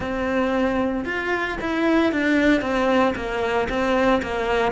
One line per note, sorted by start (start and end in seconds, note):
0.00 1.04 C4
1.04 1.57 F4
1.61 2.11 E4
2.11 2.61 D4
2.61 3.13 C4
3.15 3.68 A#3
3.68 4.21 C4
4.22 4.71 A#3